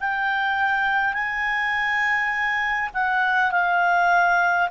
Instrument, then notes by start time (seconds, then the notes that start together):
clarinet
0.00 G5
1.13 G#5
2.94 F#5
3.51 F5